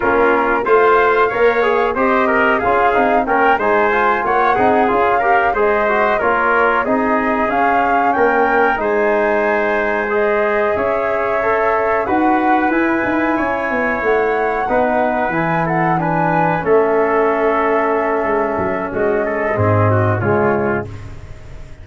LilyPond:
<<
  \new Staff \with { instrumentName = "flute" } { \time 4/4 \tempo 4 = 92 ais'4 f''2 dis''4 | f''4 g''8 gis''4 fis''4 f''8~ | f''8 dis''4 cis''4 dis''4 f''8~ | f''8 g''4 gis''2 dis''8~ |
dis''8 e''2 fis''4 gis''8~ | gis''4. fis''2 gis''8 | fis''8 gis''4 e''2~ e''8~ | e''4 dis''2 cis''4 | }
  \new Staff \with { instrumentName = "trumpet" } { \time 4/4 f'4 c''4 cis''4 c''8 ais'8 | gis'4 ais'8 c''4 cis''8 gis'4 | ais'8 c''4 ais'4 gis'4.~ | gis'8 ais'4 c''2~ c''8~ |
c''8 cis''2 b'4.~ | b'8 cis''2 b'4. | a'8 b'4 a'2~ a'8~ | a'4 fis'8 a'8 gis'8 fis'8 f'4 | }
  \new Staff \with { instrumentName = "trombone" } { \time 4/4 cis'4 f'4 ais'8 gis'8 g'4 | f'8 dis'8 cis'8 dis'8 f'4 dis'8 f'8 | g'8 gis'8 fis'8 f'4 dis'4 cis'8~ | cis'4. dis'2 gis'8~ |
gis'4. a'4 fis'4 e'8~ | e'2~ e'8 dis'4 e'8~ | e'8 d'4 cis'2~ cis'8~ | cis'2 c'4 gis4 | }
  \new Staff \with { instrumentName = "tuba" } { \time 4/4 ais4 a4 ais4 c'4 | cis'8 c'8 ais8 gis4 ais8 c'8 cis'8~ | cis'8 gis4 ais4 c'4 cis'8~ | cis'8 ais4 gis2~ gis8~ |
gis8 cis'2 dis'4 e'8 | dis'8 cis'8 b8 a4 b4 e8~ | e4. a2~ a8 | gis8 fis8 gis4 gis,4 cis4 | }
>>